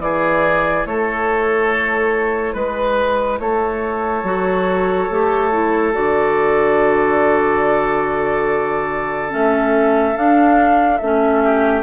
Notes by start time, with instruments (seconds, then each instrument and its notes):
0.00 bassoon E3, clarinet E4, oboe G#4, flute D5
0.86 bassoon A3, oboe A4, flute C#5
2.54 bassoon G#3, flute B4, oboe B4
3.40 bassoon A3, oboe A4, flute C#5
4.24 bassoon F#3, clarinet F#4
5.11 bassoon A3, clarinet G4
5.52 clarinet E4
5.93 bassoon D3, clarinet F#4, flute D5
9.31 bassoon A3, clarinet C#4, flute E5
10.16 clarinet D4, bassoon D4, flute F5
10.98 bassoon A3, clarinet C#4, flute E5
11.44 oboe G4